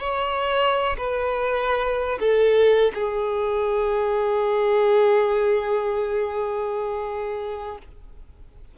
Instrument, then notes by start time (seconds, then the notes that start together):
violin
0.00 C#5
0.98 B4
2.20 A4
2.95 G#4